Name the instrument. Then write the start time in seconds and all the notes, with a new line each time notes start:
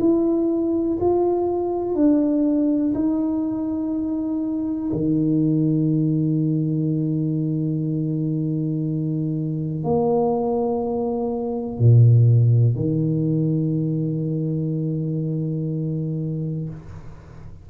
tuba
0.00 E4
1.01 F4
1.95 D4
2.95 D#4
4.92 D#3
9.84 A#3
11.79 A#2
12.76 D#3